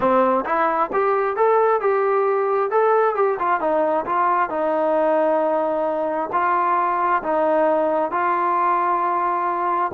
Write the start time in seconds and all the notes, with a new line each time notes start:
0.00 C4
0.45 E4
0.92 G4
1.36 A4
1.80 G4
2.70 A4
3.15 G4
3.39 F4
3.60 D#4
4.05 F4
4.49 D#4
6.32 F4
7.23 D#4
8.11 F4